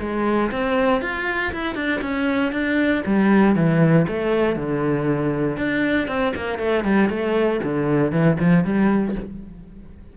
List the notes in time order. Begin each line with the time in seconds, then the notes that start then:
0.00 G#3
0.51 C4
1.01 F4
1.53 E4
1.75 D4
2.01 C#4
2.52 D4
3.05 G3
3.55 E3
4.07 A3
4.56 D3
5.57 D4
6.07 C4
6.36 A#3
6.58 A3
6.84 G3
7.09 A3
7.63 D3
8.12 E3
8.39 F3
8.64 G3